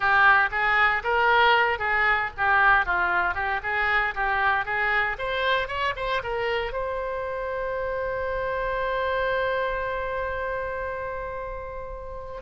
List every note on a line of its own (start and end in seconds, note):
0.00 0.49 G4
0.51 1.03 G#4
1.03 1.78 A#4
1.78 2.30 G#4
2.37 2.85 G4
2.85 3.34 F4
3.34 3.60 G4
3.62 4.14 G#4
4.14 4.65 G4
4.65 5.17 G#4
5.18 5.68 C5
5.68 5.93 C#5
5.96 6.22 C5
6.23 6.72 A#4
6.72 12.41 C5